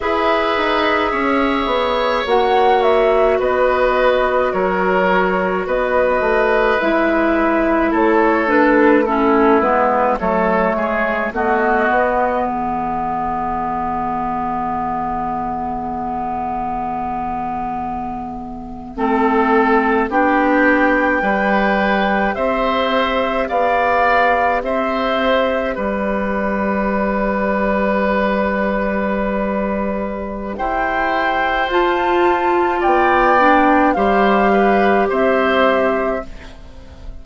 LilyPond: <<
  \new Staff \with { instrumentName = "flute" } { \time 4/4 \tempo 4 = 53 e''2 fis''8 e''8 dis''4 | cis''4 dis''4 e''4 cis''8 b'8 | a'8 b'8 cis''4 dis''4 e''4~ | e''1~ |
e''4.~ e''16 g''2 e''16~ | e''8. f''4 e''4 d''4~ d''16~ | d''2. g''4 | a''4 g''4 f''4 e''4 | }
  \new Staff \with { instrumentName = "oboe" } { \time 4/4 b'4 cis''2 b'4 | ais'4 b'2 a'4 | e'4 a'8 gis'8 fis'4 gis'4~ | gis'1~ |
gis'8. a'4 g'4 b'4 c''16~ | c''8. d''4 c''4 b'4~ b'16~ | b'2. c''4~ | c''4 d''4 c''8 b'8 c''4 | }
  \new Staff \with { instrumentName = "clarinet" } { \time 4/4 gis'2 fis'2~ | fis'2 e'4. d'8 | cis'8 b8 a4 b2~ | b1~ |
b8. c'4 d'4 g'4~ g'16~ | g'1~ | g'1 | f'4. d'8 g'2 | }
  \new Staff \with { instrumentName = "bassoon" } { \time 4/4 e'8 dis'8 cis'8 b8 ais4 b4 | fis4 b8 a8 gis4 a4~ | a8 gis8 fis8 gis8 a8 b8 e4~ | e1~ |
e8. a4 b4 g4 c'16~ | c'8. b4 c'4 g4~ g16~ | g2. e'4 | f'4 b4 g4 c'4 | }
>>